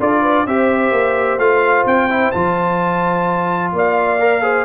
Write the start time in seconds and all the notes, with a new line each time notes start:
0.00 D4 F4 A4 D5
0.22 B4
0.46 C4 G4 C5 E5
0.92 A#3
1.39 A3 F4 F5
1.86 C4 G5
2.10 E4
2.32 F3 F4 A5
3.73 A#3 D5 F5
4.20 A#4
4.42 G#4 C5